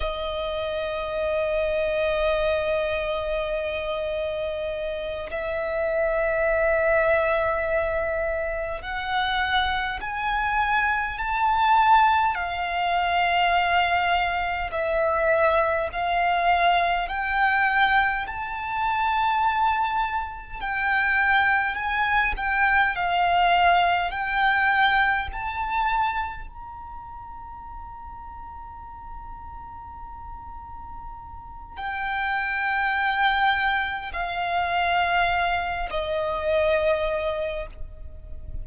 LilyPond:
\new Staff \with { instrumentName = "violin" } { \time 4/4 \tempo 4 = 51 dis''1~ | dis''8 e''2. fis''8~ | fis''8 gis''4 a''4 f''4.~ | f''8 e''4 f''4 g''4 a''8~ |
a''4. g''4 gis''8 g''8 f''8~ | f''8 g''4 a''4 ais''4.~ | ais''2. g''4~ | g''4 f''4. dis''4. | }